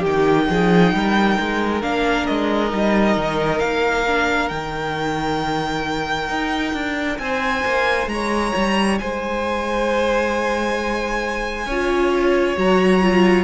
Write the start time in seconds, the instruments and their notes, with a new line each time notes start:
0.00 cello D#3, violin G4 G5
0.07 viola D#4
0.49 cello F3, violin G#4
0.93 cello G3, violin A#4
1.39 cello G#3
1.82 cello A#3, viola D4, violin F5
2.26 cello G#3, violin D#5
2.69 cello G3, viola D#4
3.16 cello D#3
3.59 cello A#3, violin F5
4.07 viola D4
4.48 cello D#3, viola D#4, violin G5
6.29 cello D#4
6.73 cello D4
7.18 cello C4, violin C5 G#5
7.65 cello A#3
8.07 cello G#3, violin C#5 A#5
8.55 cello G3
8.98 cello G#3, violin C5 G#5
11.66 cello C#4, viola F4, violin C#5
12.56 cello F#3, viola F#4, violin A#5
13.02 viola F4